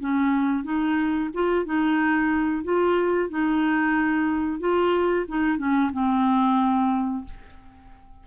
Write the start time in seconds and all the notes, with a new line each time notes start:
0.00 C#4
0.64 D#4
1.33 F4
1.65 D#4
2.63 F4
3.30 D#4
4.59 F4
5.28 D#4
5.58 C#4
5.92 C4